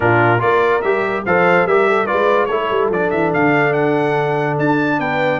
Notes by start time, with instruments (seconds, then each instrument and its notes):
0.00 tuba A#2, trombone D4, horn F4, trumpet A#4
0.39 tuba A#3, trombone F4, horn A#4, trumpet D5
0.81 tuba G3, trombone G4, trumpet E5
1.25 tuba F3, trombone A4, horn C5, trumpet F5
1.65 tuba G3, trombone G4, horn A#4, trumpet E5
1.88 horn A4
2.06 trombone F4, horn B4, trumpet D5
2.12 tuba G#3
2.45 tuba A3, trombone E4, trumpet C#5
2.53 horn A4
2.70 tuba G3
2.89 tuba F3, trombone D4, trumpet D5
3.10 tuba E3, trumpet E5
3.33 tuba D3, trumpet F5
3.73 trumpet F#5
4.58 tuba D4, trumpet A5
4.99 tuba B3, horn B4, trumpet G5